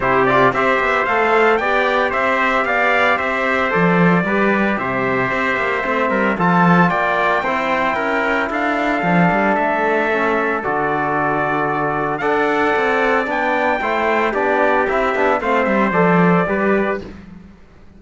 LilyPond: <<
  \new Staff \with { instrumentName = "trumpet" } { \time 4/4 \tempo 4 = 113 c''8 d''8 e''4 f''4 g''4 | e''4 f''4 e''4 d''4~ | d''4 e''2. | a''4 g''2. |
f''2 e''2 | d''2. fis''4~ | fis''4 g''2 d''4 | e''4 f''8 e''8 d''2 | }
  \new Staff \with { instrumentName = "trumpet" } { \time 4/4 g'4 c''2 d''4 | c''4 d''4 c''2 | b'4 c''2~ c''8 ais'8 | a'4 d''4 c''4 ais'4 |
a'1~ | a'2. d''4~ | d''2 c''4 g'4~ | g'4 c''2 b'4 | }
  \new Staff \with { instrumentName = "trombone" } { \time 4/4 e'8 f'8 g'4 a'4 g'4~ | g'2. a'4 | g'2. c'4 | f'2 e'2~ |
e'4 d'2 cis'4 | fis'2. a'4~ | a'4 d'4 e'4 d'4 | e'8 d'8 c'4 a'4 g'4 | }
  \new Staff \with { instrumentName = "cello" } { \time 4/4 c4 c'8 b8 a4 b4 | c'4 b4 c'4 f4 | g4 c4 c'8 ais8 a8 g8 | f4 ais4 c'4 cis'4 |
d'4 f8 g8 a2 | d2. d'4 | c'4 b4 a4 b4 | c'8 b8 a8 g8 f4 g4 | }
>>